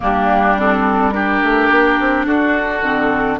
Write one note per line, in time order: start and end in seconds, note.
0.00 1.42 G3
0.00 0.56 A#3
0.00 1.14 D4
0.00 0.59 G4
0.58 1.12 C4
0.58 1.11 A4
1.11 2.81 D4
1.11 2.26 G4
1.11 2.25 A#4
1.42 1.70 A3
1.70 1.98 A#3
1.99 2.26 C4
2.26 2.82 D4
2.26 3.39 F#4
2.26 3.39 A4
2.82 3.38 D3
2.82 3.38 C4